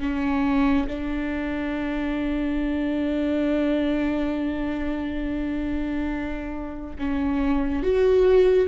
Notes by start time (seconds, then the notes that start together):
0.00 C#4
0.87 D4
6.99 C#4
7.83 F#4